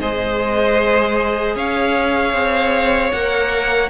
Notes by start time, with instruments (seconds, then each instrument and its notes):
0.00 cello G#3, viola G#4, violin C5 D#5
1.55 cello C#4, violin C#5 F5
2.33 cello C4
3.12 cello A#3, viola A#4, violin F#5